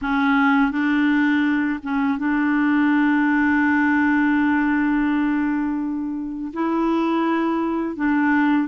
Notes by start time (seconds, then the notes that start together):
0.01 C#4
0.71 D4
1.82 C#4
2.18 D4
6.53 E4
7.96 D4